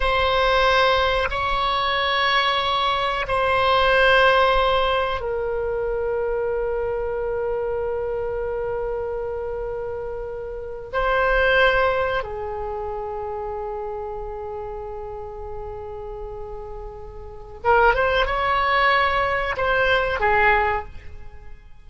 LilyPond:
\new Staff \with { instrumentName = "oboe" } { \time 4/4 \tempo 4 = 92 c''2 cis''2~ | cis''4 c''2. | ais'1~ | ais'1~ |
ais'8. c''2 gis'4~ gis'16~ | gis'1~ | gis'2. ais'8 c''8 | cis''2 c''4 gis'4 | }